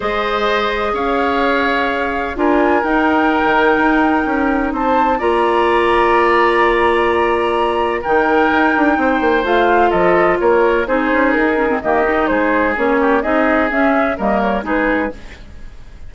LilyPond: <<
  \new Staff \with { instrumentName = "flute" } { \time 4/4 \tempo 4 = 127 dis''2 f''2~ | f''4 gis''4 g''2~ | g''2 a''4 ais''4~ | ais''1~ |
ais''4 g''2. | f''4 dis''4 cis''4 c''4 | ais'4 dis''4 c''4 cis''4 | dis''4 e''4 dis''8 cis''8 b'4 | }
  \new Staff \with { instrumentName = "oboe" } { \time 4/4 c''2 cis''2~ | cis''4 ais'2.~ | ais'2 c''4 d''4~ | d''1~ |
d''4 ais'2 c''4~ | c''4 a'4 ais'4 gis'4~ | gis'4 g'4 gis'4. g'8 | gis'2 ais'4 gis'4 | }
  \new Staff \with { instrumentName = "clarinet" } { \time 4/4 gis'1~ | gis'4 f'4 dis'2~ | dis'2. f'4~ | f'1~ |
f'4 dis'2. | f'2. dis'4~ | dis'8 cis'16 c'16 ais8 dis'4. cis'4 | dis'4 cis'4 ais4 dis'4 | }
  \new Staff \with { instrumentName = "bassoon" } { \time 4/4 gis2 cis'2~ | cis'4 d'4 dis'4~ dis'16 dis8. | dis'4 cis'4 c'4 ais4~ | ais1~ |
ais4 dis4 dis'8 d'8 c'8 ais8 | a4 f4 ais4 c'8 cis'8 | dis'4 dis4 gis4 ais4 | c'4 cis'4 g4 gis4 | }
>>